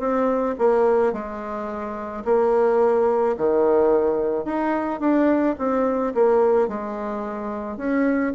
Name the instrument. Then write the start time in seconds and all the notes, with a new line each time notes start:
bassoon
0.00 C4
0.59 A#3
1.13 G#3
2.25 A#3
3.37 D#3
4.45 D#4
5.00 D4
5.59 C4
6.15 A#3
6.68 G#3
7.77 C#4